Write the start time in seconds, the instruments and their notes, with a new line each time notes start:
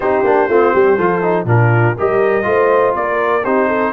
0.00 tuba C4, trombone D#4, horn G4, trumpet C5
0.23 tuba A#3, trombone D4
0.47 tuba A3, trombone C4, horn F4
0.73 tuba G3, horn G4
0.96 tuba F3, trombone F4, horn A4
1.22 trombone D#4
1.44 tuba A#2, trombone D4, horn F4, trumpet A#4
1.96 tuba G3, trombone G4, horn A#4, trumpet D#5
2.43 tuba A3, trombone F4, horn C5
2.95 tuba A#3, horn A#4, trumpet D5
3.44 tuba C4, trombone D#4, horn G4, trumpet C5
3.67 horn A4